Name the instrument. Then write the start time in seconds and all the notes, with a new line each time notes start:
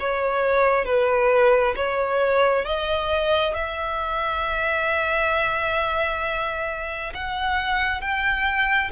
violin
0.00 C#5
0.85 B4
1.76 C#5
2.65 D#5
3.55 E5
7.14 F#5
8.01 G5